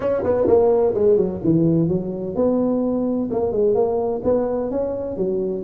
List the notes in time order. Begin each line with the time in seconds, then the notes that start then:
0.00 C#4
0.23 B3
0.47 A#3
0.94 G#3
1.16 F#3
1.43 E3
1.88 F#3
2.35 B3
3.30 A#3
3.52 G#3
3.74 A#3
4.23 B3
4.70 C#4
5.16 F#3